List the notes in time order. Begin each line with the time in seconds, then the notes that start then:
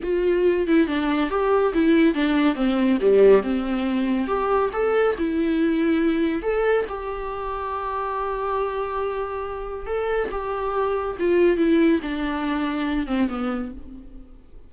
0.03 F4
0.67 E4
0.87 D4
1.30 G4
1.73 E4
2.14 D4
2.55 C4
3.00 G3
3.42 C4
4.27 G4
4.72 A4
5.18 E4
6.42 A4
6.89 G4
9.86 A4
10.31 G4
11.19 F4
11.57 E4
12.02 D4
13.06 C4
13.28 B3